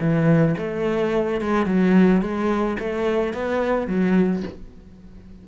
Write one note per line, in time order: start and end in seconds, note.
0.00 0.56 E3
0.58 1.41 A3
1.41 1.66 G#3
1.66 2.21 F#3
2.21 2.77 G#3
2.80 3.34 A3
3.34 3.87 B3
3.87 4.43 F#3